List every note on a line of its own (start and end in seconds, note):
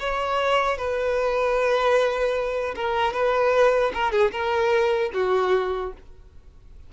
0.00 0.78 C#5
0.78 2.75 B4
2.76 3.13 A#4
3.13 3.92 B4
3.94 4.12 A#4
4.12 4.32 G#4
4.32 5.11 A#4
5.14 5.93 F#4